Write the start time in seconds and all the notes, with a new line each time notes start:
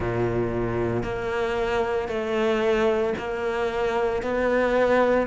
0.00 A#2
1.02 A#3
2.08 A3
3.18 A#3
4.22 B3